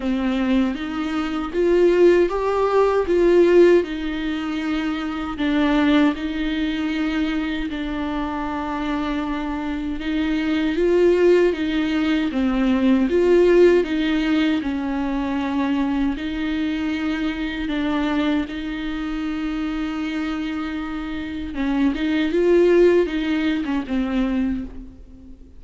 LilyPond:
\new Staff \with { instrumentName = "viola" } { \time 4/4 \tempo 4 = 78 c'4 dis'4 f'4 g'4 | f'4 dis'2 d'4 | dis'2 d'2~ | d'4 dis'4 f'4 dis'4 |
c'4 f'4 dis'4 cis'4~ | cis'4 dis'2 d'4 | dis'1 | cis'8 dis'8 f'4 dis'8. cis'16 c'4 | }